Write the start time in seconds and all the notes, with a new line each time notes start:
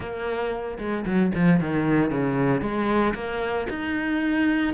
0.00 A#3
0.78 G#3
1.05 F#3
1.34 F3
1.60 D#3
2.11 C#3
2.61 G#3
3.14 A#3
3.69 D#4